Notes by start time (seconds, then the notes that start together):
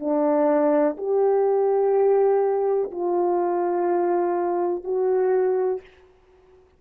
0.00 D4
0.98 G4
2.92 F4
4.85 F#4